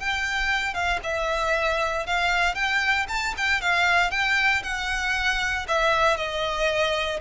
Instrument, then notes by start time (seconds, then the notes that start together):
violin
0.00 G5
0.74 F5
1.04 E5
2.07 F5
2.55 G5
3.09 A5
3.38 G5
3.62 F5
4.11 G5
4.64 F#5
5.68 E5
6.17 D#5